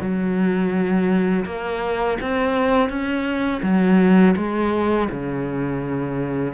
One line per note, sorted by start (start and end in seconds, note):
0.00 1.45 F#3
1.45 2.18 A#3
2.21 2.89 C4
2.89 3.61 C#4
3.62 4.35 F#3
4.36 5.08 G#3
5.10 6.53 C#3